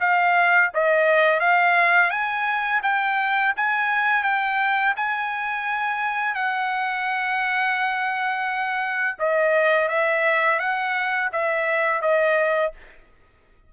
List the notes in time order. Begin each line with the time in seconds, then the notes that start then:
0.00 F5
0.74 D#5
1.40 F5
2.10 G#5
2.83 G5
3.56 G#5
4.23 G5
4.96 G#5
6.35 F#5
9.19 D#5
9.89 E5
10.59 F#5
11.32 E5
12.02 D#5